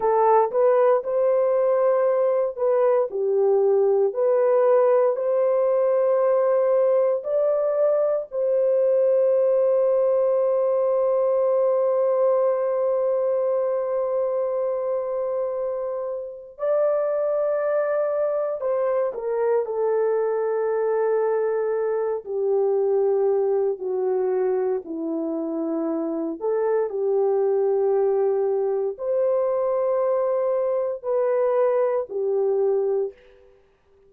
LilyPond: \new Staff \with { instrumentName = "horn" } { \time 4/4 \tempo 4 = 58 a'8 b'8 c''4. b'8 g'4 | b'4 c''2 d''4 | c''1~ | c''1 |
d''2 c''8 ais'8 a'4~ | a'4. g'4. fis'4 | e'4. a'8 g'2 | c''2 b'4 g'4 | }